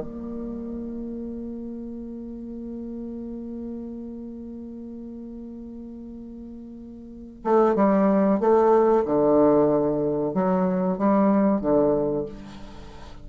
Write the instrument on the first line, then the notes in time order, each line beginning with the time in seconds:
bassoon
0.00 A#3
7.44 A3
7.75 G3
8.40 A3
9.05 D3
10.34 F#3
10.98 G3
11.61 D3